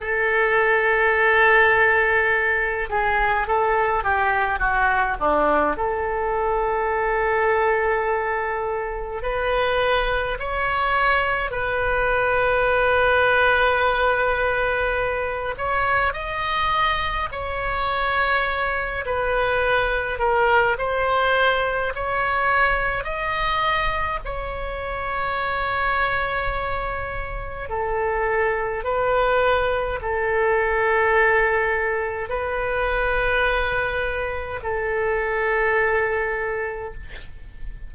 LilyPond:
\new Staff \with { instrumentName = "oboe" } { \time 4/4 \tempo 4 = 52 a'2~ a'8 gis'8 a'8 g'8 | fis'8 d'8 a'2. | b'4 cis''4 b'2~ | b'4. cis''8 dis''4 cis''4~ |
cis''8 b'4 ais'8 c''4 cis''4 | dis''4 cis''2. | a'4 b'4 a'2 | b'2 a'2 | }